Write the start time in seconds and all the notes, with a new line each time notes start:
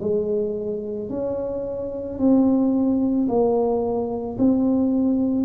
0.00 G#3
1.09 C#4
2.18 C4
3.28 A#3
4.38 C4